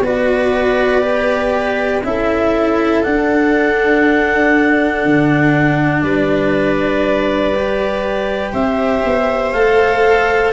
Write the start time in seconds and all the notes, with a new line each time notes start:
0.00 B3 F#4 B4 D5
1.01 G4
2.03 C#4 E4 A4 E5
3.03 D4 F#5
5.05 D3
6.00 G3 B4 D5
7.54 G4
8.53 C4 C5 E5
9.05 B3
9.52 A3 A4 F5